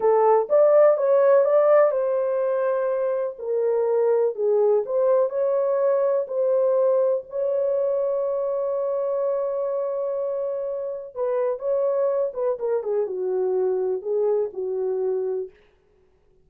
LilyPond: \new Staff \with { instrumentName = "horn" } { \time 4/4 \tempo 4 = 124 a'4 d''4 cis''4 d''4 | c''2. ais'4~ | ais'4 gis'4 c''4 cis''4~ | cis''4 c''2 cis''4~ |
cis''1~ | cis''2. b'4 | cis''4. b'8 ais'8 gis'8 fis'4~ | fis'4 gis'4 fis'2 | }